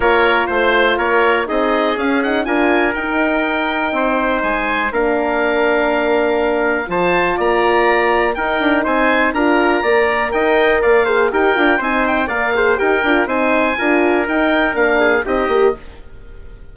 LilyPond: <<
  \new Staff \with { instrumentName = "oboe" } { \time 4/4 \tempo 4 = 122 cis''4 c''4 cis''4 dis''4 | f''8 fis''8 gis''4 g''2~ | g''4 gis''4 f''2~ | f''2 a''4 ais''4~ |
ais''4 g''4 gis''4 ais''4~ | ais''4 g''4 f''4 g''4 | gis''8 g''8 f''4 g''4 gis''4~ | gis''4 g''4 f''4 dis''4 | }
  \new Staff \with { instrumentName = "trumpet" } { \time 4/4 ais'4 c''4 ais'4 gis'4~ | gis'4 ais'2. | c''2 ais'2~ | ais'2 c''4 d''4~ |
d''4 ais'4 c''4 ais'4 | d''4 dis''4 d''8 c''8 ais'4 | c''4 d''8 c''8 ais'4 c''4 | ais'2~ ais'8 gis'8 g'4 | }
  \new Staff \with { instrumentName = "horn" } { \time 4/4 f'2. dis'4 | cis'8 dis'8 f'4 dis'2~ | dis'2 d'2~ | d'2 f'2~ |
f'4 dis'2 f'4 | ais'2~ ais'8 gis'8 g'8 f'8 | dis'4 ais'8 gis'8 g'8 f'8 dis'4 | f'4 dis'4 d'4 dis'8 g'8 | }
  \new Staff \with { instrumentName = "bassoon" } { \time 4/4 ais4 a4 ais4 c'4 | cis'4 d'4 dis'2 | c'4 gis4 ais2~ | ais2 f4 ais4~ |
ais4 dis'8 d'8 c'4 d'4 | ais4 dis'4 ais4 dis'8 d'8 | c'4 ais4 dis'8 d'8 c'4 | d'4 dis'4 ais4 c'8 ais8 | }
>>